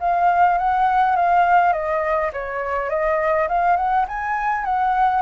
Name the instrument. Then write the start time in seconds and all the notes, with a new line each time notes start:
flute
0.00 F5
0.58 F#5
1.15 F5
1.72 D#5
2.33 C#5
2.89 D#5
3.48 F5
3.76 F#5
4.08 G#5
4.64 F#5